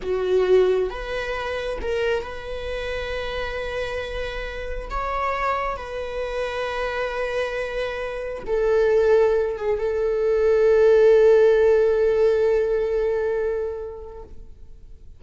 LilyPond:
\new Staff \with { instrumentName = "viola" } { \time 4/4 \tempo 4 = 135 fis'2 b'2 | ais'4 b'2.~ | b'2. cis''4~ | cis''4 b'2.~ |
b'2. a'4~ | a'4. gis'8 a'2~ | a'1~ | a'1 | }